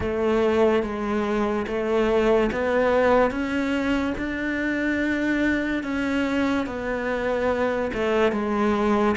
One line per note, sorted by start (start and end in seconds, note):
0.00 0.83 A3
0.83 1.66 G#3
1.67 2.50 A3
2.52 3.30 B3
3.30 4.14 C#4
4.17 5.83 D4
5.83 6.66 C#4
6.66 7.91 B3
7.93 8.32 A3
8.32 9.15 G#3